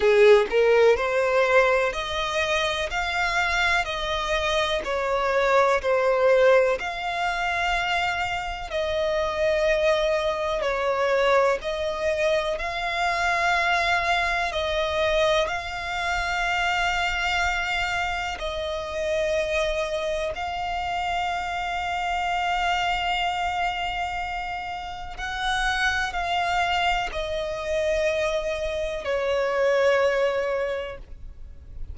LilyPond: \new Staff \with { instrumentName = "violin" } { \time 4/4 \tempo 4 = 62 gis'8 ais'8 c''4 dis''4 f''4 | dis''4 cis''4 c''4 f''4~ | f''4 dis''2 cis''4 | dis''4 f''2 dis''4 |
f''2. dis''4~ | dis''4 f''2.~ | f''2 fis''4 f''4 | dis''2 cis''2 | }